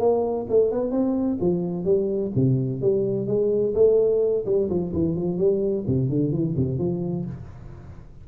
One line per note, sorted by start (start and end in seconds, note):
0.00 0.47 A#3
0.50 0.72 A3
0.72 0.92 B3
0.92 1.38 C4
1.41 1.85 F3
1.85 2.32 G3
2.36 2.82 C3
2.82 3.27 G3
3.27 3.74 G#3
3.75 4.45 A3
4.46 4.69 G3
4.70 4.93 F3
4.94 5.16 E3
5.16 5.38 F3
5.38 5.85 G3
5.88 6.10 C3
6.10 6.32 D3
6.32 6.56 E3
6.57 6.79 C3
6.79 7.26 F3